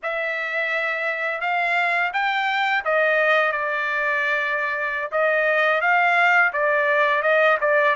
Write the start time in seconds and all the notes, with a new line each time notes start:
0.02 E5
1.41 F5
2.13 G5
2.84 D#5
3.51 D5
5.11 D#5
5.81 F5
6.52 D5
7.22 D#5
7.60 D5